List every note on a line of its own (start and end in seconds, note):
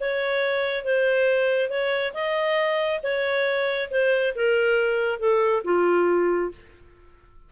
0.00 0.84 C#5
0.84 1.70 C5
1.70 2.13 C#5
2.14 3.01 D#5
3.03 3.90 C#5
3.91 4.34 C5
4.35 5.19 A#4
5.19 5.63 A4
5.64 6.51 F4